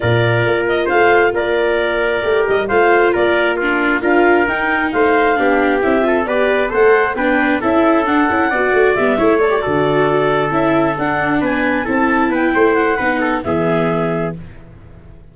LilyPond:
<<
  \new Staff \with { instrumentName = "clarinet" } { \time 4/4 \tempo 4 = 134 d''4. dis''8 f''4 d''4~ | d''4. dis''8 f''4 d''4 | ais'4 f''4 g''4 f''4~ | f''4 e''4 d''4 fis''4 |
g''4 e''4 fis''2 | e''4 d''2~ d''8 e''8~ | e''8 fis''4 gis''4 a''4 g''8~ | g''8 fis''4. e''2 | }
  \new Staff \with { instrumentName = "trumpet" } { \time 4/4 ais'2 c''4 ais'4~ | ais'2 c''4 ais'4 | f'4 ais'2 c''4 | g'4. a'8 b'4 c''4 |
b'4 a'2 d''4~ | d''8 cis''4 a'2~ a'8~ | a'4. b'4 a'4 b'8 | c''4 b'8 a'8 gis'2 | }
  \new Staff \with { instrumentName = "viola" } { \time 4/4 f'1~ | f'4 g'4 f'2 | d'4 f'4 dis'2 | d'4 e'8 f'8 g'4 a'4 |
d'4 e'4 d'8 e'8 fis'4 | b8 e'8 a'16 g'16 fis'2 e'8~ | e'8 d'2 e'4.~ | e'4 dis'4 b2 | }
  \new Staff \with { instrumentName = "tuba" } { \time 4/4 ais,4 ais4 a4 ais4~ | ais4 a8 g8 a4 ais4~ | ais4 d'4 dis'4 a4 | b4 c'4 b4 a4 |
b4 cis'4 d'8 cis'8 b8 a8 | g8 a4 d2 cis'8~ | cis'8 d'4 b4 c'4 b8 | a4 b4 e2 | }
>>